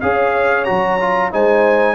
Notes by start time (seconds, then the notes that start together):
0.00 C#4 G#4 C#5 F5
0.64 F#3 F#4 A#5
1.00 F4
1.30 G#3 D#4 C5 G#5